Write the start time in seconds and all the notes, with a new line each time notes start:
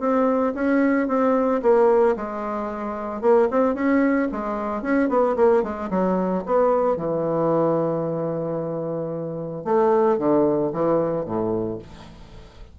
0.00 C4
0.55 C#4
1.08 C4
1.62 A#3
2.16 G#3
3.21 A#3
3.51 C4
3.75 C#4
4.32 G#3
4.82 C#4
5.09 B3
5.36 A#3
5.63 G#3
5.90 F#3
6.46 B3
6.97 E3
9.65 A3
10.18 D3
10.73 E3
11.25 A2